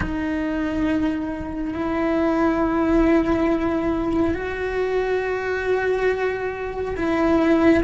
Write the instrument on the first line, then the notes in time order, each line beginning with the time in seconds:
cello
0.00 D#4
1.74 E4
4.34 F#4
6.96 E4